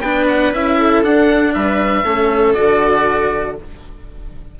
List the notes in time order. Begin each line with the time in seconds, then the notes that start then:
0.00 B3 D4 B4 G5
0.28 F#5
0.52 C#4 E4 E5
0.78 A4
1.03 D4 F#5
1.53 G3 B4 E5
2.04 A3 C#4 A4
2.53 D3 F#4 D5